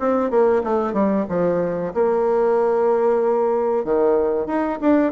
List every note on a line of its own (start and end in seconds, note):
0.00 0.31 C4
0.31 0.63 A#3
0.64 0.94 A3
0.94 1.26 G3
1.29 1.94 F3
1.94 3.85 A#3
3.85 4.47 D#3
4.47 4.79 D#4
4.81 5.13 D4